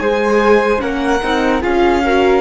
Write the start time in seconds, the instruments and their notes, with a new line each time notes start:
0.00 cello G#3, viola G#4, flute C5, violin G#5
0.79 cello A#3, viola C#4, flute A#4, violin F#5
1.23 cello C4, viola D#4
1.62 cello C#4, viola F4, flute G#4, violin F5
2.05 viola F#4, flute A#4